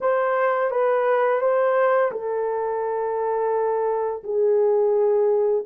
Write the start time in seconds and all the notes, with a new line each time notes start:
0.01 C5
0.70 B4
1.40 C5
2.11 A4
4.23 G#4